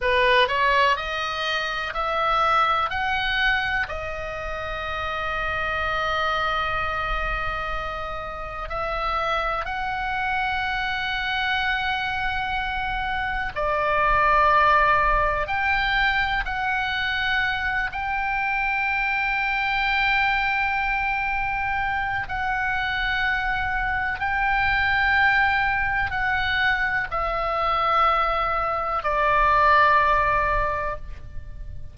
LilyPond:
\new Staff \with { instrumentName = "oboe" } { \time 4/4 \tempo 4 = 62 b'8 cis''8 dis''4 e''4 fis''4 | dis''1~ | dis''4 e''4 fis''2~ | fis''2 d''2 |
g''4 fis''4. g''4.~ | g''2. fis''4~ | fis''4 g''2 fis''4 | e''2 d''2 | }